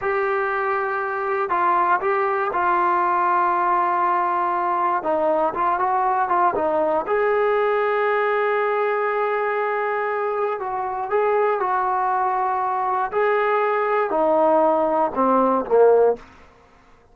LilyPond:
\new Staff \with { instrumentName = "trombone" } { \time 4/4 \tempo 4 = 119 g'2. f'4 | g'4 f'2.~ | f'2 dis'4 f'8 fis'8~ | fis'8 f'8 dis'4 gis'2~ |
gis'1~ | gis'4 fis'4 gis'4 fis'4~ | fis'2 gis'2 | dis'2 c'4 ais4 | }